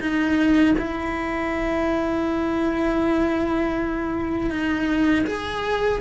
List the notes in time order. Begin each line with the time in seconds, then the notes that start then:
0.00 D#4
0.78 E4
4.50 D#4
5.26 G#4